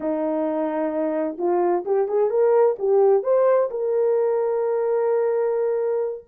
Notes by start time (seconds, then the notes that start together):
0.00 D#4
1.38 F4
1.85 G4
2.08 G#4
2.30 A#4
2.78 G4
3.23 C5
3.70 A#4